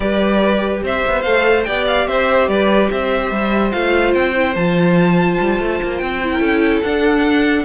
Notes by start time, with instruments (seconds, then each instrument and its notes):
0.00 cello G3, viola G4, violin B4 D5
0.82 cello C4, violin C5 E5
1.07 cello B3
1.22 cello A3, viola A4, violin F5
1.64 cello B3, viola G4, violin D5 G5
1.87 violin F5
2.07 cello C4, violin C5 E5
2.48 cello G3, violin B4 D5
2.90 cello C4, violin C5 E5
3.31 cello G3
3.71 cello A3, viola F4, violin F5
4.13 cello C4, violin G5
4.34 viola E4
4.55 cello F3, viola F4, violin A5
5.40 cello G3
5.59 cello A3
5.82 cello A#3
5.97 cello C4, violin G5
6.23 viola E4
6.32 violin A#4
6.39 cello C#4, violin A4
6.82 viola D4, cello D4, violin F#5